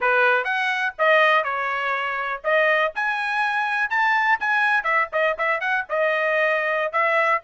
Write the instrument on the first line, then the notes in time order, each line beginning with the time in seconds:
trumpet
0.00 B4
0.44 F#5
0.98 D#5
1.44 C#5
2.44 D#5
2.95 G#5
3.90 A5
4.39 G#5
4.83 E5
5.12 D#5
5.38 E5
5.60 F#5
5.89 D#5
6.92 E5